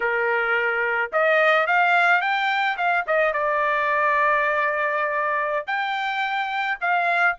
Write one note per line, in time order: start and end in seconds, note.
0.00 1.11 A#4
1.12 1.66 D#5
1.66 2.21 F5
2.21 2.76 G5
2.77 3.05 F5
3.06 3.33 D#5
3.33 5.66 D5
5.66 6.78 G5
6.81 7.36 F5